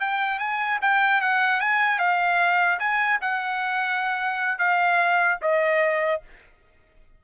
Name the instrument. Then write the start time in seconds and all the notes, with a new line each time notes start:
trumpet
0.00 G5
0.39 G#5
0.82 G5
1.21 F#5
1.60 G#5
1.99 F5
2.79 G#5
3.21 F#5
4.59 F5
5.42 D#5